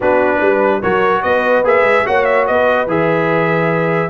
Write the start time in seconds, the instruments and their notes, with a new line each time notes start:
0.00 tuba B3, trombone D4, horn F#4, trumpet B4
0.37 tuba G3, horn B4
0.81 tuba F#3, trombone F#4, horn A#4, trumpet C#5
1.22 tuba B3, horn B4, trumpet D#5
1.63 tuba A#3, trombone G#4, trumpet E5
1.82 tuba G#3
2.05 tuba A#3, trombone F#4, horn C#5, trumpet F#5
2.24 trumpet E5
2.46 tuba B3, horn B4, trumpet D#5
2.86 tuba E3, trombone G#4, trumpet E5